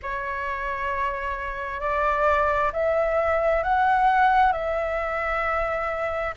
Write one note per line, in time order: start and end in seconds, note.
0.02 1.80 C#5
1.80 2.71 D5
2.72 3.63 E5
3.63 4.52 F#5
4.52 6.34 E5